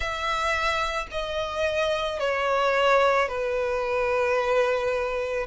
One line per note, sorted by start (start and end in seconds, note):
0.00 1.07 E5
1.11 2.19 D#5
2.19 3.28 C#5
3.28 5.46 B4